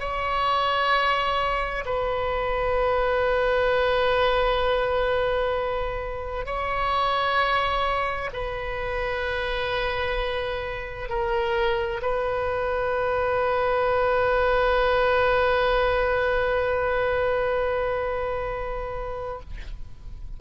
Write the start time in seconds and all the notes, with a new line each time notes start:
0.00 C#5
1.85 B4
6.46 C#5
8.33 B4
11.09 A#4
12.02 B4